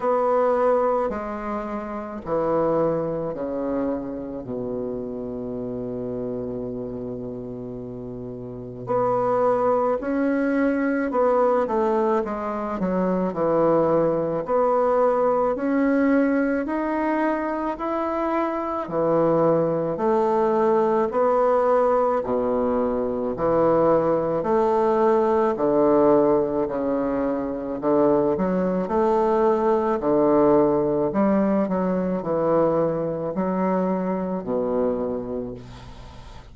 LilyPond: \new Staff \with { instrumentName = "bassoon" } { \time 4/4 \tempo 4 = 54 b4 gis4 e4 cis4 | b,1 | b4 cis'4 b8 a8 gis8 fis8 | e4 b4 cis'4 dis'4 |
e'4 e4 a4 b4 | b,4 e4 a4 d4 | cis4 d8 fis8 a4 d4 | g8 fis8 e4 fis4 b,4 | }